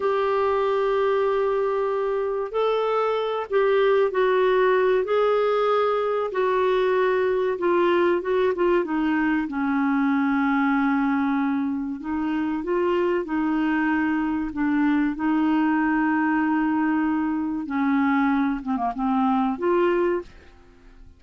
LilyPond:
\new Staff \with { instrumentName = "clarinet" } { \time 4/4 \tempo 4 = 95 g'1 | a'4. g'4 fis'4. | gis'2 fis'2 | f'4 fis'8 f'8 dis'4 cis'4~ |
cis'2. dis'4 | f'4 dis'2 d'4 | dis'1 | cis'4. c'16 ais16 c'4 f'4 | }